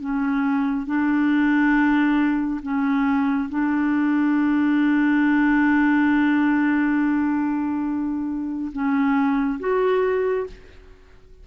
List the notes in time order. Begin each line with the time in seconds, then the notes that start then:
0.00 C#4
0.86 D4
2.62 C#4
3.49 D4
8.72 C#4
9.59 F#4